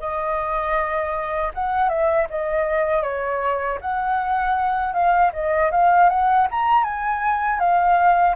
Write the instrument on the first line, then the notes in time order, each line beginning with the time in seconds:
flute
0.00 D#5
1.55 F#5
1.90 E5
2.30 D#5
3.03 C#5
3.81 F#5
4.94 F5
5.33 D#5
5.72 F5
6.10 F#5
6.51 A#5
6.85 G#5
7.60 F5